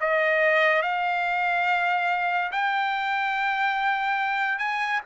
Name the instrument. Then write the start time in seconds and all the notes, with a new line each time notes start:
trumpet
0.00 D#5
0.82 F5
2.52 G5
4.58 G#5